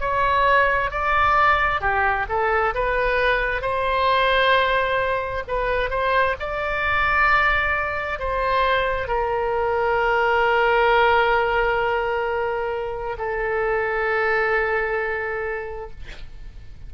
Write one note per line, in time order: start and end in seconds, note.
0.00 0.91 C#5
0.91 1.81 D5
1.81 2.26 G4
2.29 2.74 A4
2.75 3.62 B4
3.62 5.44 C5
5.48 5.90 B4
5.90 6.36 C5
6.40 8.19 D5
8.19 9.08 C5
9.08 13.17 A#4
13.18 15.91 A4